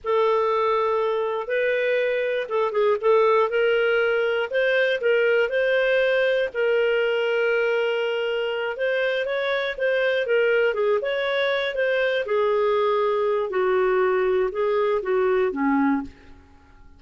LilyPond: \new Staff \with { instrumentName = "clarinet" } { \time 4/4 \tempo 4 = 120 a'2. b'4~ | b'4 a'8 gis'8 a'4 ais'4~ | ais'4 c''4 ais'4 c''4~ | c''4 ais'2.~ |
ais'4. c''4 cis''4 c''8~ | c''8 ais'4 gis'8 cis''4. c''8~ | c''8 gis'2~ gis'8 fis'4~ | fis'4 gis'4 fis'4 cis'4 | }